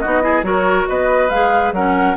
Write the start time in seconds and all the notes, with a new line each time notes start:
0.00 B3 D#4 F#4 D#5
0.22 E4 G#4
0.43 F#3 F#4 A#4 C#5
0.88 B3 B4 D#5
1.29 G#3 G#4 F5
1.72 F#3 C#4 A#4 F#5